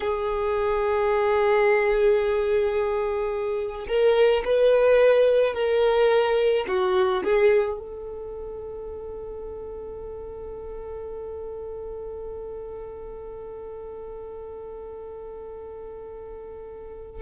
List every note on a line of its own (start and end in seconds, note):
0.00 3.86 G#4
3.87 4.43 A#4
4.44 5.54 B4
5.54 6.65 A#4
6.67 7.23 F#4
7.23 7.78 G#4
7.78 17.22 A4